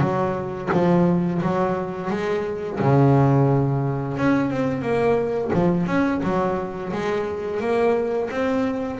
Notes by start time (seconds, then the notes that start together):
0.00 F#3
0.72 F3
1.42 F#3
2.10 G#3
2.80 C#3
4.17 C#4
4.50 C4
4.82 A#3
5.53 F3
5.86 C#4
6.23 F#3
6.92 G#3
7.60 A#3
8.30 C4